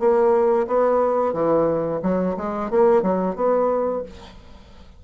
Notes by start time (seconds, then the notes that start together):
0.00 A#3
0.67 B3
1.34 E3
2.03 F#3
2.37 G#3
2.71 A#3
3.03 F#3
3.36 B3